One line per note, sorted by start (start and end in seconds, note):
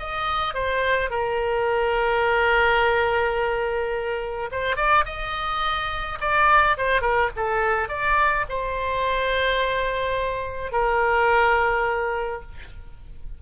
0.00 0.55 D#5
0.55 1.11 C5
1.11 4.50 A#4
4.52 4.77 C5
4.77 5.05 D5
5.06 6.19 D#5
6.21 6.78 D5
6.78 7.02 C5
7.02 7.30 A#4
7.37 7.89 A4
7.89 8.46 D5
8.49 10.72 C5
10.72 12.42 A#4